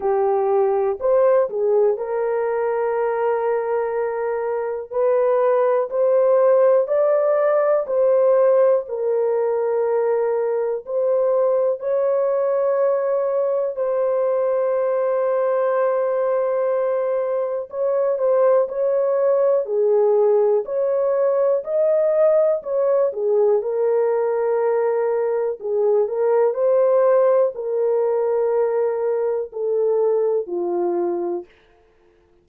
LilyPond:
\new Staff \with { instrumentName = "horn" } { \time 4/4 \tempo 4 = 61 g'4 c''8 gis'8 ais'2~ | ais'4 b'4 c''4 d''4 | c''4 ais'2 c''4 | cis''2 c''2~ |
c''2 cis''8 c''8 cis''4 | gis'4 cis''4 dis''4 cis''8 gis'8 | ais'2 gis'8 ais'8 c''4 | ais'2 a'4 f'4 | }